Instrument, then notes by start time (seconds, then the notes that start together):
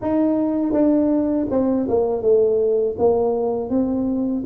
tuba
0.01 D#4
0.72 D4
1.50 C4
1.88 A#3
2.22 A3
2.98 A#3
3.69 C4